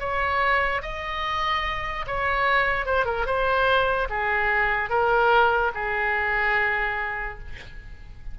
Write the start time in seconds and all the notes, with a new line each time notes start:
0.00 C#5
0.83 D#5
2.07 C#5
2.86 C5
3.06 A#4
3.26 C5
4.10 G#4
4.90 A#4
5.75 G#4